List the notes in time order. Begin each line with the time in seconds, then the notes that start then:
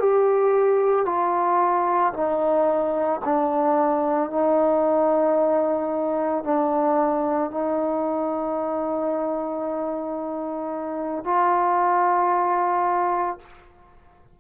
0.00 G4
1.06 F4
2.14 D#4
3.25 D4
4.30 D#4
6.44 D4
7.51 D#4
11.25 F4